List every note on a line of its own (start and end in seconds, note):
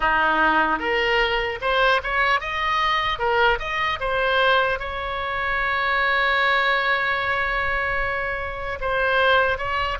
0.00 0.79 D#4
0.79 1.59 A#4
1.61 2.01 C5
2.03 2.40 C#5
2.40 3.18 D#5
3.18 3.58 A#4
3.59 3.99 D#5
4.00 4.79 C5
4.79 8.79 C#5
8.80 9.57 C5
9.57 9.97 C#5